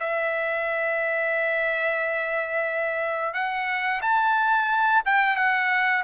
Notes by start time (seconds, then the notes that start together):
0.00 E5
3.34 F#5
4.02 A5
5.06 G5
5.37 F#5